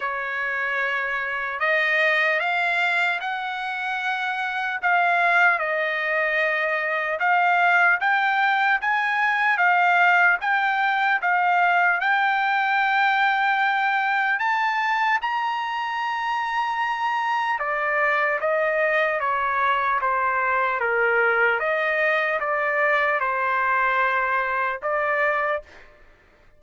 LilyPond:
\new Staff \with { instrumentName = "trumpet" } { \time 4/4 \tempo 4 = 75 cis''2 dis''4 f''4 | fis''2 f''4 dis''4~ | dis''4 f''4 g''4 gis''4 | f''4 g''4 f''4 g''4~ |
g''2 a''4 ais''4~ | ais''2 d''4 dis''4 | cis''4 c''4 ais'4 dis''4 | d''4 c''2 d''4 | }